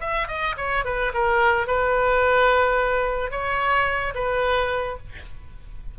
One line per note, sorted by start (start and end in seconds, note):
0.00 0.28 E5
0.28 0.55 D#5
0.57 0.84 C#5
0.85 1.12 B4
1.14 1.67 A#4
1.67 3.31 B4
3.31 4.13 C#5
4.14 4.97 B4